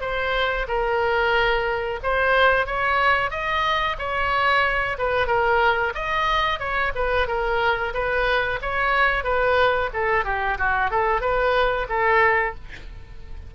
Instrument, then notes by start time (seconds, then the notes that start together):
oboe
0.00 C5
0.67 A#4
2.03 C5
2.66 C#5
3.30 D#5
3.98 C#5
4.98 B4
5.27 A#4
5.94 D#5
6.59 C#5
6.95 B4
7.27 A#4
7.93 B4
8.61 C#5
9.23 B4
9.93 A4
10.24 G4
10.58 F#4
10.90 A4
11.21 B4
11.88 A4